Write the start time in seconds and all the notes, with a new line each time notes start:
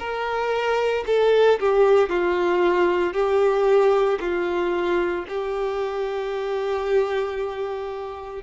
0.00 A#4
1.07 A4
1.60 G4
2.10 F4
3.14 G4
4.21 F4
5.29 G4